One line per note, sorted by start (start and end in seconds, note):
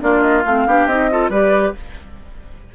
0.00 0.44 A#3
0.00 0.43 D4
0.00 0.67 F4
0.00 0.21 D5
0.21 0.42 D#5
0.45 0.66 A3
0.45 0.68 C4
0.45 0.86 F5
0.66 0.85 B3
0.66 0.89 D4
0.66 1.10 G4
0.85 1.28 C4
0.85 1.10 D#4
0.85 1.29 D#5
1.10 1.31 F4
1.10 1.29 A4
1.29 1.72 G3
1.29 1.74 G4
1.29 1.72 B4
1.29 1.74 D5